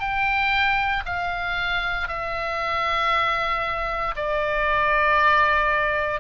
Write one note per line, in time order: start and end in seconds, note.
0.00 1.03 G5
1.06 2.08 F5
2.08 4.15 E5
4.16 6.21 D5